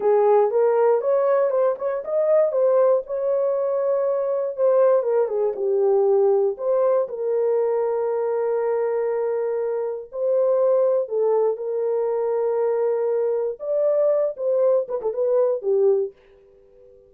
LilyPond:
\new Staff \with { instrumentName = "horn" } { \time 4/4 \tempo 4 = 119 gis'4 ais'4 cis''4 c''8 cis''8 | dis''4 c''4 cis''2~ | cis''4 c''4 ais'8 gis'8 g'4~ | g'4 c''4 ais'2~ |
ais'1 | c''2 a'4 ais'4~ | ais'2. d''4~ | d''8 c''4 b'16 a'16 b'4 g'4 | }